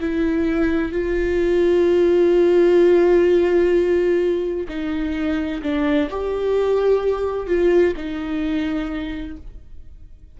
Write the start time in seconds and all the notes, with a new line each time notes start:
0.00 E4
0.92 F4
4.68 D#4
5.62 D4
6.10 G4
7.47 F4
7.96 D#4